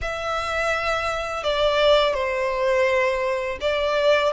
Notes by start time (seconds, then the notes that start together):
0.01 E5
1.43 D5
2.14 C5
3.60 D5